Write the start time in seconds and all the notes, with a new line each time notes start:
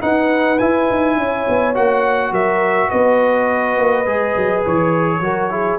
0.00 D#4 B4 F#5
0.58 E4 G#5
0.90 D#4
1.17 C#4 C#5
1.49 B3
1.74 A#3 F#4 F#5
2.31 F#3 A#4 E5
2.88 B3 B4 D#5
3.77 A#3
4.06 G#3 G#4
4.36 F#3
4.66 E3 C#5
5.20 F#3 F#4 A#4
5.50 E4 G#4